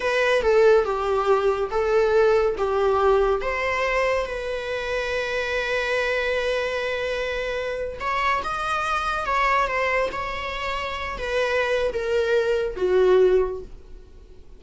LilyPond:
\new Staff \with { instrumentName = "viola" } { \time 4/4 \tempo 4 = 141 b'4 a'4 g'2 | a'2 g'2 | c''2 b'2~ | b'1~ |
b'2~ b'8. cis''4 dis''16~ | dis''4.~ dis''16 cis''4 c''4 cis''16~ | cis''2~ cis''16 b'4.~ b'16 | ais'2 fis'2 | }